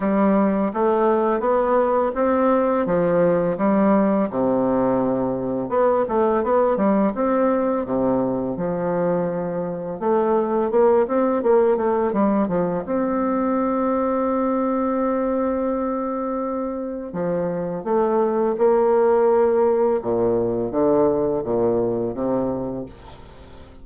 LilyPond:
\new Staff \with { instrumentName = "bassoon" } { \time 4/4 \tempo 4 = 84 g4 a4 b4 c'4 | f4 g4 c2 | b8 a8 b8 g8 c'4 c4 | f2 a4 ais8 c'8 |
ais8 a8 g8 f8 c'2~ | c'1 | f4 a4 ais2 | ais,4 d4 ais,4 c4 | }